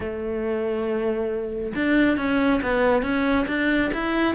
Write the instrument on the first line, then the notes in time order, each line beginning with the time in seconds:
cello
0.00 A3
1.75 D4
2.17 C#4
2.62 B3
3.02 C#4
3.47 D4
3.93 E4